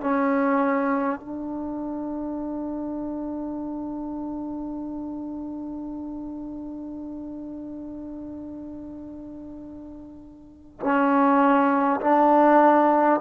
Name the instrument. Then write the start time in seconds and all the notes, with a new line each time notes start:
trombone
0.00 C#4
1.19 D4
10.80 C#4
12.00 D4